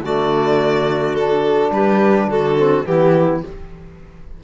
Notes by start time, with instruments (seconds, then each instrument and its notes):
0.00 cello D3, trombone A3, clarinet F#4, violin D5
1.14 trombone D4, violin A4
1.71 cello G3, clarinet G4, violin B4
2.27 cello D3, clarinet F#4, violin A4
2.57 trombone C4
2.85 cello E3, trombone B3, clarinet E4, violin G4